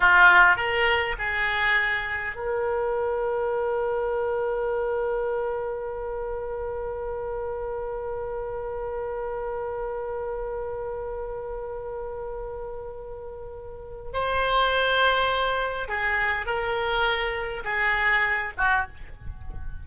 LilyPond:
\new Staff \with { instrumentName = "oboe" } { \time 4/4 \tempo 4 = 102 f'4 ais'4 gis'2 | ais'1~ | ais'1~ | ais'1~ |
ais'1~ | ais'1 | c''2. gis'4 | ais'2 gis'4. fis'8 | }